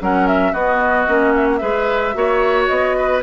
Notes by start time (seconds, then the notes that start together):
0.00 F#3 C#4 A#4 F#5
0.27 E5
0.52 B3 F#4 D#5
1.07 A#3 C#4
1.35 E5
1.48 F#5
1.57 G#3 G#4 B4 E5
2.14 A#3 F#4 C#5
2.67 B3 D#5
2.97 B4